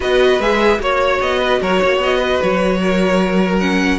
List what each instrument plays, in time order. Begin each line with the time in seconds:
0.00 cello B3, viola F#4, violin B4 D#5
0.39 cello G#3, viola G#4, violin E5
0.79 cello A#3, viola F#4, violin C#5
1.21 cello B3, violin D#5
1.39 violin B4
1.61 cello F#3, violin A#4 C#5
1.80 cello A#3, violin C#5
1.97 cello B3, violin D#5
2.17 violin B4
2.41 cello F#3, violin C#5
2.80 violin A#4
3.59 viola C#4, violin F#5